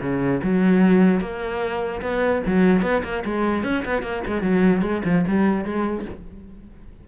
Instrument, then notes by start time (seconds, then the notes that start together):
cello
0.00 C#3
0.43 F#3
1.20 A#3
2.01 B3
2.46 F#3
2.82 B3
3.03 A#3
3.24 G#3
3.63 C#4
3.85 B3
4.02 A#3
4.26 G#3
4.41 F#3
4.82 G#3
5.05 F3
5.27 G3
5.64 G#3